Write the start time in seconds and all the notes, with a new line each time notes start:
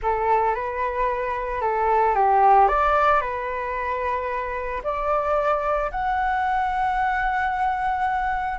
0.02 A4
0.54 B4
1.61 A4
2.14 G4
2.68 D5
3.20 B4
4.83 D5
5.91 F#5